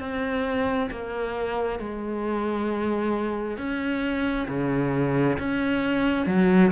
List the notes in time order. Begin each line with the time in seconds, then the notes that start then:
0.00 C4
0.91 A#3
1.79 G#3
3.57 C#4
4.48 C#3
5.39 C#4
6.26 F#3